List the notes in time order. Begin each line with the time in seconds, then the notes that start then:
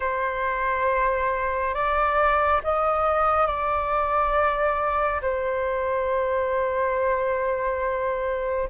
0.00 C5
1.74 D5
2.63 D#5
3.47 D5
5.21 C5